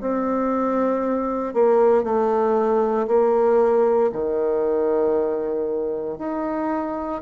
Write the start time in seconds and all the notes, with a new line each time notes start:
0.00 C4
1.53 A#3
2.03 A3
3.07 A#3
4.12 D#3
6.18 D#4